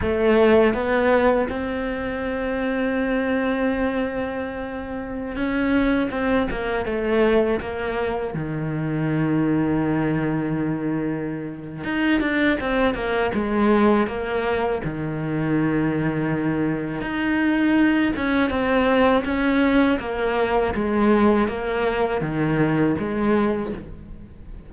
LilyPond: \new Staff \with { instrumentName = "cello" } { \time 4/4 \tempo 4 = 81 a4 b4 c'2~ | c'2.~ c'16 cis'8.~ | cis'16 c'8 ais8 a4 ais4 dis8.~ | dis1 |
dis'8 d'8 c'8 ais8 gis4 ais4 | dis2. dis'4~ | dis'8 cis'8 c'4 cis'4 ais4 | gis4 ais4 dis4 gis4 | }